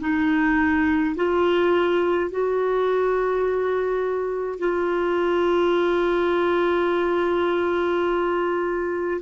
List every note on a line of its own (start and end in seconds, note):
0.00 1.15 D#4
1.15 2.30 F4
2.30 4.59 F#4
4.59 9.20 F4